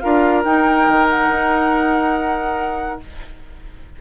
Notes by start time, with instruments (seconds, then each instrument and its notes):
0.00 bassoon D4, clarinet F4, oboe A#4, flute F5
0.45 clarinet D#4, bassoon D#4, flute G5
0.89 bassoon D#3
1.10 flute F#5
1.30 bassoon D#4